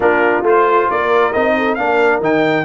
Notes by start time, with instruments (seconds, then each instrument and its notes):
0.00 tuba A#3, trombone D4, horn F4, trumpet A#4
0.42 tuba A3, trombone F4, trumpet C5
0.87 tuba A#3, horn A#4, trumpet D5
1.32 tuba C4, trombone D#4, trumpet D#5
1.57 horn A4
1.74 tuba A#3, trombone D4, horn A#4, trumpet F5
2.20 tuba D#3, trombone D#4, trumpet G5